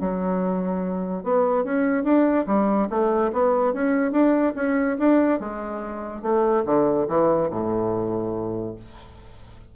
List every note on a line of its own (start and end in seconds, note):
0.00 1.23 F#3
1.23 1.64 B3
1.64 2.04 C#4
2.04 2.45 D4
2.46 2.88 G3
2.90 3.31 A3
3.32 3.73 B3
3.73 4.11 C#4
4.11 4.53 D4
4.55 4.97 C#4
4.99 5.40 D4
5.40 6.22 G#3
6.22 6.64 A3
6.65 7.07 D3
7.08 7.50 E3
7.50 8.75 A2